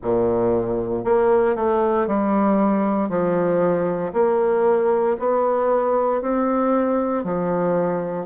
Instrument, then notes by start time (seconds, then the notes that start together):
bassoon
0.02 A#2
1.04 A#3
1.55 A3
2.07 G3
3.08 F3
4.13 A#3
5.19 B3
6.21 C4
7.24 F3